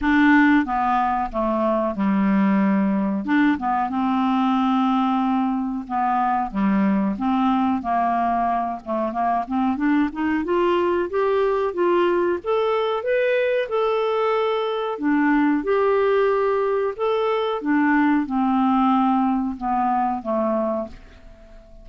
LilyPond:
\new Staff \with { instrumentName = "clarinet" } { \time 4/4 \tempo 4 = 92 d'4 b4 a4 g4~ | g4 d'8 b8 c'2~ | c'4 b4 g4 c'4 | ais4. a8 ais8 c'8 d'8 dis'8 |
f'4 g'4 f'4 a'4 | b'4 a'2 d'4 | g'2 a'4 d'4 | c'2 b4 a4 | }